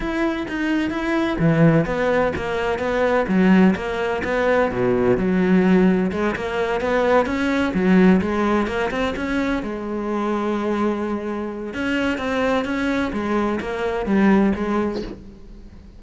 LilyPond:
\new Staff \with { instrumentName = "cello" } { \time 4/4 \tempo 4 = 128 e'4 dis'4 e'4 e4 | b4 ais4 b4 fis4 | ais4 b4 b,4 fis4~ | fis4 gis8 ais4 b4 cis'8~ |
cis'8 fis4 gis4 ais8 c'8 cis'8~ | cis'8 gis2.~ gis8~ | gis4 cis'4 c'4 cis'4 | gis4 ais4 g4 gis4 | }